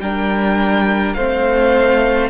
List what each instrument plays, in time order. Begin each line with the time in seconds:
0.00 cello G3, viola D4, violin A#4 G5
1.14 cello A3, viola C4, violin C5 F5